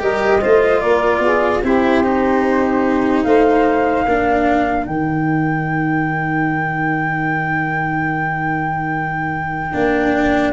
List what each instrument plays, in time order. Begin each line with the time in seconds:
0.00 tuba G3, cello G4, saxophone A#4, flute D#5
0.41 tuba A3, cello F4, saxophone C5
0.81 tuba A#3, saxophone A#4, flute D5
1.20 tuba B3, saxophone G#4
1.63 tuba C4, cello E4, saxophone G4, flute C5
2.04 cello D#4
3.24 tuba A3, saxophone C5, flute F5
4.06 tuba A#3, cello D4, saxophone A#4
4.86 tuba D#3, cello D#4, flute G5
9.74 tuba A#3, cello D4